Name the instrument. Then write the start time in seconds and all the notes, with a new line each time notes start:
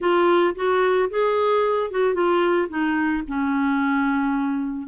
clarinet
0.00 F4
0.55 F#4
1.10 G#4
1.90 F#4
2.14 F4
2.69 D#4
3.27 C#4